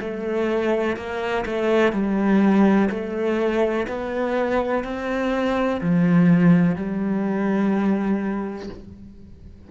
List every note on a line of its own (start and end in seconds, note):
0.00 0.96 A3
0.96 1.45 A#3
1.45 1.92 A3
1.92 2.89 G3
2.90 3.87 A3
3.88 4.84 B3
4.84 5.81 C4
5.81 6.75 F3
6.75 8.69 G3